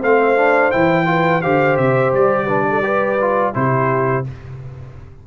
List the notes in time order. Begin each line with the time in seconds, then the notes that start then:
0.00 A3 C4 C5 F5
0.37 D4
0.72 E3 E4 G5
1.06 F4 B4
1.42 D3 G4 C5 F5
1.78 C3 E5
2.14 G3 D5
2.46 D4 B4
2.70 A4
2.83 G4 B4
3.21 F4
3.54 C3 E4 G4 C5